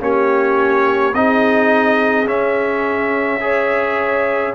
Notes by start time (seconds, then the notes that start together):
0.00 A#3 C#4 G4 C#5
1.14 C4 D#4 G#4 D#5
2.26 C#4 E5
3.41 G#4 C#5